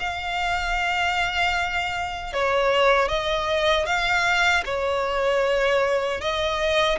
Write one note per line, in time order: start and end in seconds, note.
0.00 2.33 F5
2.33 3.09 C#5
3.09 3.86 D#5
3.86 4.64 F5
4.65 6.21 C#5
6.21 6.99 D#5